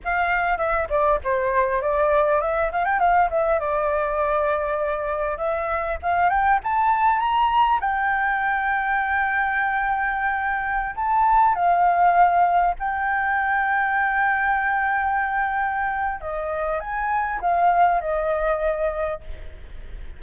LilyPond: \new Staff \with { instrumentName = "flute" } { \time 4/4 \tempo 4 = 100 f''4 e''8 d''8 c''4 d''4 | e''8 f''16 g''16 f''8 e''8 d''2~ | d''4 e''4 f''8 g''8 a''4 | ais''4 g''2.~ |
g''2~ g''16 a''4 f''8.~ | f''4~ f''16 g''2~ g''8.~ | g''2. dis''4 | gis''4 f''4 dis''2 | }